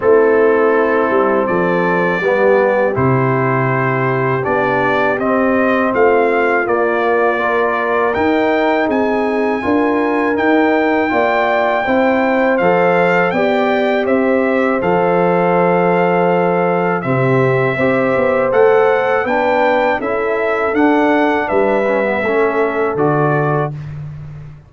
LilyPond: <<
  \new Staff \with { instrumentName = "trumpet" } { \time 4/4 \tempo 4 = 81 a'2 d''2 | c''2 d''4 dis''4 | f''4 d''2 g''4 | gis''2 g''2~ |
g''4 f''4 g''4 e''4 | f''2. e''4~ | e''4 fis''4 g''4 e''4 | fis''4 e''2 d''4 | }
  \new Staff \with { instrumentName = "horn" } { \time 4/4 e'2 a'4 g'4~ | g'1 | f'2 ais'2 | gis'4 ais'2 d''4 |
c''2 d''4 c''4~ | c''2. g'4 | c''2 b'4 a'4~ | a'4 b'4 a'2 | }
  \new Staff \with { instrumentName = "trombone" } { \time 4/4 c'2. b4 | e'2 d'4 c'4~ | c'4 ais4 f'4 dis'4~ | dis'4 f'4 dis'4 f'4 |
e'4 a'4 g'2 | a'2. c'4 | g'4 a'4 d'4 e'4 | d'4. cis'16 b16 cis'4 fis'4 | }
  \new Staff \with { instrumentName = "tuba" } { \time 4/4 a4. g8 f4 g4 | c2 b4 c'4 | a4 ais2 dis'4 | c'4 d'4 dis'4 ais4 |
c'4 f4 b4 c'4 | f2. c4 | c'8 b8 a4 b4 cis'4 | d'4 g4 a4 d4 | }
>>